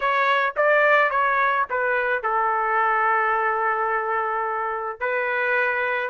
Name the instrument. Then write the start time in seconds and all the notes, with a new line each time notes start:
trumpet
0.00 C#5
0.56 D5
1.10 C#5
1.69 B4
2.22 A4
4.99 B4